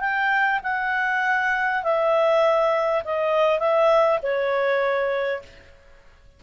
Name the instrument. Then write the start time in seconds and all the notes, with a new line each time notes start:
clarinet
0.00 G5
0.64 F#5
1.83 E5
3.04 D#5
3.59 E5
4.22 C#5